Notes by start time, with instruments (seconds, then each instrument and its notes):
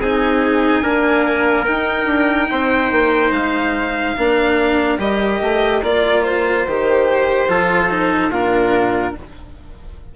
0.00 bassoon C4, cello D#4, trumpet G#4, violin G#5
0.81 cello A#3, bassoon D4, trumpet A#4
1.65 cello D#4, bassoon D#4, violin G5
2.05 bassoon D4
2.51 bassoon C4, trumpet C5
2.91 bassoon A#3
3.31 bassoon G#3, violin F5
4.17 bassoon A#3, cello D4, trumpet A#4
4.98 bassoon G3, cello G4, violin D#5
5.41 bassoon A3
5.82 bassoon A#3, cello F4, violin D5
6.23 violin C5
6.66 bassoon D#3, cello G4
7.48 bassoon F3, cello F4, trumpet A4
7.90 cello D#4
8.30 bassoon A#2, cello D4, trumpet F4, violin A#4